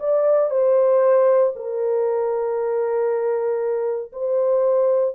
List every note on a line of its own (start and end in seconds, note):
0.00 0.51 D5
0.51 1.53 C5
1.56 4.13 A#4
4.13 5.16 C5